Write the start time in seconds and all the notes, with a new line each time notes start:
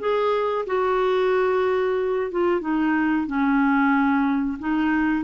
0.00 G#4
0.67 F#4
2.32 F4
2.61 D#4
3.27 C#4
4.60 D#4